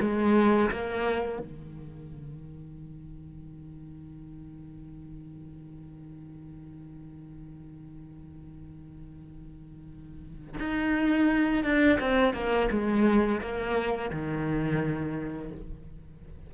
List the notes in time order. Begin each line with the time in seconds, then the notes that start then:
0.00 G#3
0.71 A#3
1.39 D#3
10.59 D#4
11.64 D4
12.00 C4
12.34 A#3
12.71 G#3
13.41 A#3
14.10 D#3